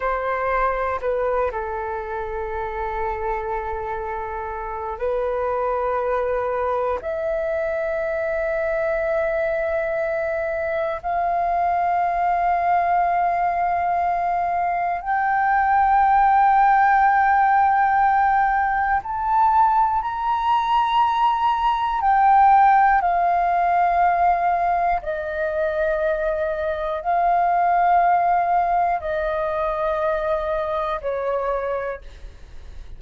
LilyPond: \new Staff \with { instrumentName = "flute" } { \time 4/4 \tempo 4 = 60 c''4 b'8 a'2~ a'8~ | a'4 b'2 e''4~ | e''2. f''4~ | f''2. g''4~ |
g''2. a''4 | ais''2 g''4 f''4~ | f''4 dis''2 f''4~ | f''4 dis''2 cis''4 | }